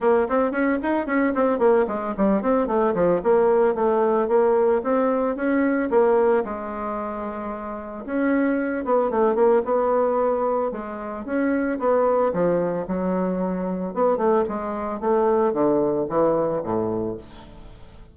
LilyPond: \new Staff \with { instrumentName = "bassoon" } { \time 4/4 \tempo 4 = 112 ais8 c'8 cis'8 dis'8 cis'8 c'8 ais8 gis8 | g8 c'8 a8 f8 ais4 a4 | ais4 c'4 cis'4 ais4 | gis2. cis'4~ |
cis'8 b8 a8 ais8 b2 | gis4 cis'4 b4 f4 | fis2 b8 a8 gis4 | a4 d4 e4 a,4 | }